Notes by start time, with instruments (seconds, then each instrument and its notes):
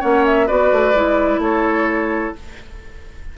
0.00 bassoon A#3, clarinet C#4, oboe C#5, flute F#5
0.25 flute E5
0.47 bassoon B3, clarinet F#4, oboe B4, flute D5
0.72 bassoon A3
0.94 bassoon G#3, clarinet E4
1.38 bassoon A3, oboe A4, flute C#5